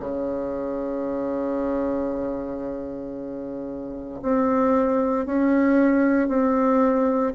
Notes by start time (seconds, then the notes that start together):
0.00 C#3
4.23 C4
5.26 C#4
6.28 C4